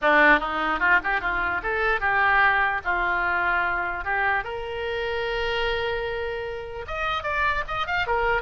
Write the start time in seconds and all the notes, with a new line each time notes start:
0.01 D4
0.39 D#4
0.79 F4
1.03 G4
1.20 F4
1.63 A4
2.00 G4
2.84 F4
4.04 G4
4.44 A#4
6.87 D#5
7.23 D5
7.67 D#5
7.87 F5
8.06 A#4